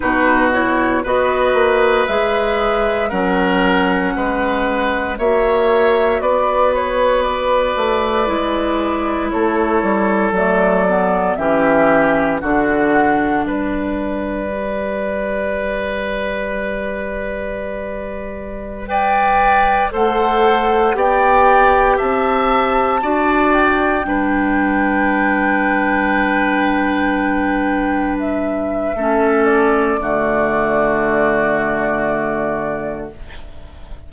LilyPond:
<<
  \new Staff \with { instrumentName = "flute" } { \time 4/4 \tempo 4 = 58 b'8 cis''8 dis''4 e''4 fis''4~ | fis''4 e''4 d''8 cis''8 d''4~ | d''4 cis''4 d''4 e''4 | fis''4 d''2.~ |
d''2~ d''16 g''4 fis''8.~ | fis''16 g''4 a''4. g''4~ g''16~ | g''2.~ g''16 e''8.~ | e''8 d''2.~ d''8 | }
  \new Staff \with { instrumentName = "oboe" } { \time 4/4 fis'4 b'2 ais'4 | b'4 cis''4 b'2~ | b'4 a'2 g'4 | fis'4 b'2.~ |
b'2~ b'16 d''4 c''8.~ | c''16 d''4 e''4 d''4 b'8.~ | b'1 | a'4 fis'2. | }
  \new Staff \with { instrumentName = "clarinet" } { \time 4/4 dis'8 e'8 fis'4 gis'4 cis'4~ | cis'4 fis'2. | e'2 a8 b8 cis'4 | d'2 g'2~ |
g'2~ g'16 b'4 a'8.~ | a'16 g'2 fis'4 d'8.~ | d'1 | cis'4 a2. | }
  \new Staff \with { instrumentName = "bassoon" } { \time 4/4 b,4 b8 ais8 gis4 fis4 | gis4 ais4 b4. a8 | gis4 a8 g8 fis4 e4 | d4 g2.~ |
g2.~ g16 a8.~ | a16 b4 c'4 d'4 g8.~ | g1 | a4 d2. | }
>>